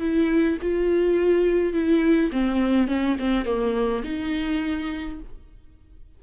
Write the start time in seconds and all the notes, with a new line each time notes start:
0.00 E4
0.62 F4
1.73 E4
2.32 C4
2.88 C#4
3.19 C4
3.45 A#3
4.04 D#4